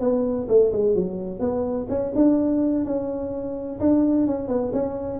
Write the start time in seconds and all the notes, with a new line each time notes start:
0.00 B3
0.48 A3
0.72 G#3
0.95 F#3
1.39 B3
1.89 C#4
2.15 D4
2.85 C#4
3.80 D4
4.26 C#4
4.48 B3
4.73 C#4